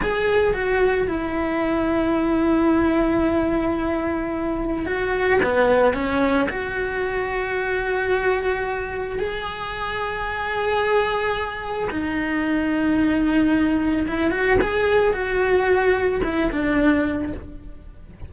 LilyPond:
\new Staff \with { instrumentName = "cello" } { \time 4/4 \tempo 4 = 111 gis'4 fis'4 e'2~ | e'1~ | e'4 fis'4 b4 cis'4 | fis'1~ |
fis'4 gis'2.~ | gis'2 dis'2~ | dis'2 e'8 fis'8 gis'4 | fis'2 e'8 d'4. | }